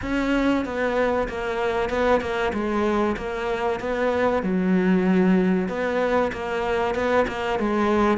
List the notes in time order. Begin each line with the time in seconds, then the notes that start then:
0.02 C#4
0.65 B3
1.28 A#3
1.89 B3
2.20 A#3
2.53 G#3
3.16 A#3
3.80 B3
4.42 F#3
5.68 B3
6.32 A#3
6.94 B3
7.27 A#3
7.59 G#3